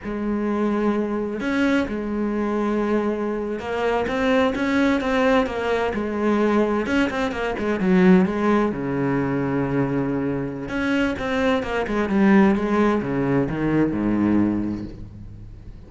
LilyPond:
\new Staff \with { instrumentName = "cello" } { \time 4/4 \tempo 4 = 129 gis2. cis'4 | gis2.~ gis8. ais16~ | ais8. c'4 cis'4 c'4 ais16~ | ais8. gis2 cis'8 c'8 ais16~ |
ais16 gis8 fis4 gis4 cis4~ cis16~ | cis2. cis'4 | c'4 ais8 gis8 g4 gis4 | cis4 dis4 gis,2 | }